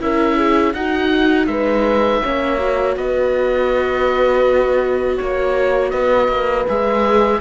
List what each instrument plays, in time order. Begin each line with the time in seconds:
0.00 cello C#4, viola E4, horn A#4, oboe E5
0.36 horn G#4
0.74 cello D#4, viola D#4, horn F#4, oboe F#5
1.46 cello G#3, horn B4, oboe E5
2.23 cello A#3, viola C#4, horn C#5
2.58 viola F#4
2.97 cello B3, horn B4, oboe D#5
5.17 cello A#3, oboe C#5, horn C#5
5.90 cello B3, horn B4, oboe D#5
6.28 cello A#3
6.68 cello G#3, viola G#4, oboe E5